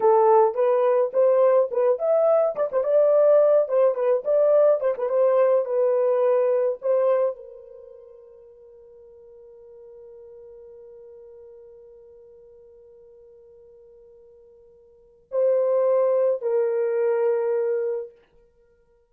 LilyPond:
\new Staff \with { instrumentName = "horn" } { \time 4/4 \tempo 4 = 106 a'4 b'4 c''4 b'8 e''8~ | e''8 d''16 c''16 d''4. c''8 b'8 d''8~ | d''8 c''16 b'16 c''4 b'2 | c''4 ais'2.~ |
ais'1~ | ais'1~ | ais'2. c''4~ | c''4 ais'2. | }